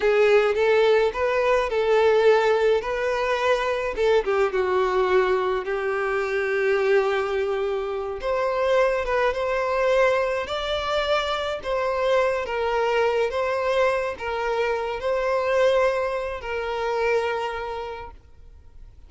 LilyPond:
\new Staff \with { instrumentName = "violin" } { \time 4/4 \tempo 4 = 106 gis'4 a'4 b'4 a'4~ | a'4 b'2 a'8 g'8 | fis'2 g'2~ | g'2~ g'8 c''4. |
b'8 c''2 d''4.~ | d''8 c''4. ais'4. c''8~ | c''4 ais'4. c''4.~ | c''4 ais'2. | }